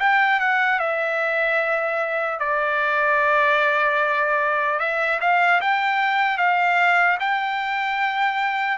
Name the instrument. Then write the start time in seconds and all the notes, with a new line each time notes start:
trumpet
0.00 G5
0.40 F#5
0.80 E5
2.40 D5
4.80 E5
5.21 F5
5.61 G5
6.38 F5
7.20 G5